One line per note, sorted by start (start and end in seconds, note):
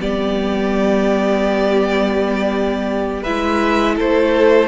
0.00 3.27 G3
0.00 3.25 B3
0.00 3.23 G4
0.00 3.23 D5
3.23 4.00 G#3
3.23 4.68 E4
3.23 3.95 B4
3.23 3.96 E5
3.96 4.68 A3
3.96 4.68 A4
3.96 4.68 C5